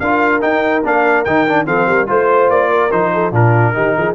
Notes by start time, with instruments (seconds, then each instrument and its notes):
0.00 tuba D4, trombone F4, horn A#4, trumpet F5
0.41 trombone D#4, tuba D#4, trumpet G5
0.84 tuba A#3, trombone D4, trumpet F5
1.25 tuba D#3, trombone D#4, trumpet G5
1.48 trombone D4
1.66 tuba F3, trombone C4, horn A4, trumpet F5
1.87 tuba G3, horn A#4
2.07 tuba A3, trombone F4, trumpet C5, horn C5
2.49 tuba A#3, trumpet D5
2.70 horn A#4
2.92 tuba F3, trombone D#4, trumpet C5
3.14 horn A4
3.32 tuba A#2, trombone D4, horn F4, trumpet A#4
3.74 tuba D#3, trombone D#4, horn G4
3.97 tuba F3, horn G#4